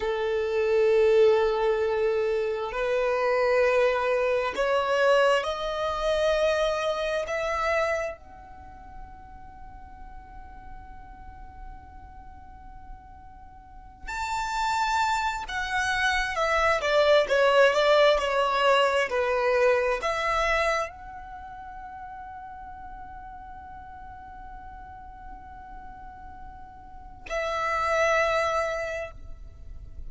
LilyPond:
\new Staff \with { instrumentName = "violin" } { \time 4/4 \tempo 4 = 66 a'2. b'4~ | b'4 cis''4 dis''2 | e''4 fis''2.~ | fis''2.~ fis''8 a''8~ |
a''4 fis''4 e''8 d''8 cis''8 d''8 | cis''4 b'4 e''4 fis''4~ | fis''1~ | fis''2 e''2 | }